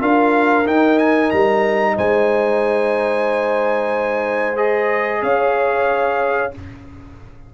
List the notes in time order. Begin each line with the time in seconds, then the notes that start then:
0.00 D4 F4 A#4 F5
0.66 D#4 G5
0.98 G#5
1.30 G3 A#5
1.96 G#3 C5 G#5
4.56 G#4 D#5
5.22 C#4 C#5 F5